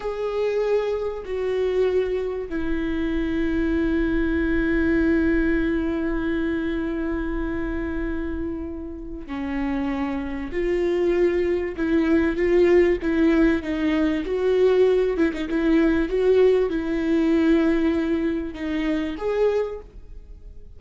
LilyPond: \new Staff \with { instrumentName = "viola" } { \time 4/4 \tempo 4 = 97 gis'2 fis'2 | e'1~ | e'1~ | e'2. cis'4~ |
cis'4 f'2 e'4 | f'4 e'4 dis'4 fis'4~ | fis'8 e'16 dis'16 e'4 fis'4 e'4~ | e'2 dis'4 gis'4 | }